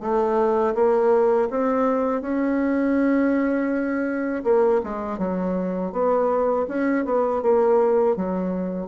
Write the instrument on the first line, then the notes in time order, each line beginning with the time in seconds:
bassoon
0.00 A3
0.74 A#3
1.50 C4
2.21 C#4
4.44 A#3
4.83 G#3
5.18 F#3
5.92 B3
6.68 C#4
7.05 B3
7.42 A#3
8.16 F#3